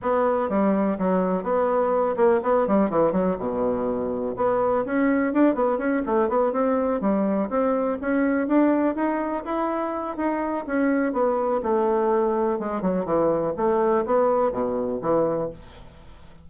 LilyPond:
\new Staff \with { instrumentName = "bassoon" } { \time 4/4 \tempo 4 = 124 b4 g4 fis4 b4~ | b8 ais8 b8 g8 e8 fis8 b,4~ | b,4 b4 cis'4 d'8 b8 | cis'8 a8 b8 c'4 g4 c'8~ |
c'8 cis'4 d'4 dis'4 e'8~ | e'4 dis'4 cis'4 b4 | a2 gis8 fis8 e4 | a4 b4 b,4 e4 | }